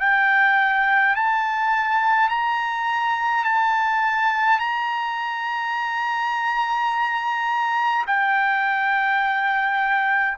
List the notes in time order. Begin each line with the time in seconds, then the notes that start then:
0.00 G5
1.15 A5
2.29 A#5
3.44 A5
4.59 A#5
8.07 G5